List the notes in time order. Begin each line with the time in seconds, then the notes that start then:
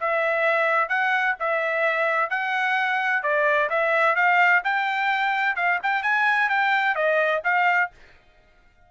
0.00 E5
0.89 F#5
1.40 E5
2.30 F#5
3.23 D5
3.70 E5
4.15 F5
4.64 G5
5.56 F5
5.82 G5
6.03 G#5
6.49 G5
6.95 D#5
7.44 F5